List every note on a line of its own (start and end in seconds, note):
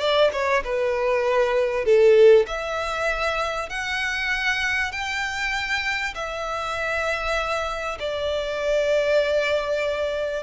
0.00 0.31 D5
0.33 0.63 C#5
0.64 1.85 B4
1.85 2.46 A4
2.47 3.69 E5
3.69 4.92 F#5
4.92 6.14 G5
6.14 7.98 E5
7.99 10.43 D5